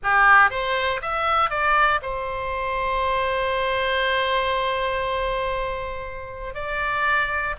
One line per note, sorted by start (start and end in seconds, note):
0.03 0.50 G4
0.50 1.00 C5
1.01 1.49 E5
1.49 2.00 D5
2.02 6.54 C5
6.54 7.55 D5